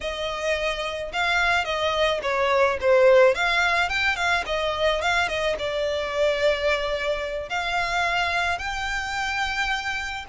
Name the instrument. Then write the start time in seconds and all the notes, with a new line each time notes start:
violin
0.01 D#5
1.12 F5
1.65 D#5
2.22 C#5
2.80 C5
3.34 F5
3.89 G5
4.16 F5
4.46 D#5
5.01 F5
5.28 D#5
5.58 D5
7.49 F5
8.58 G5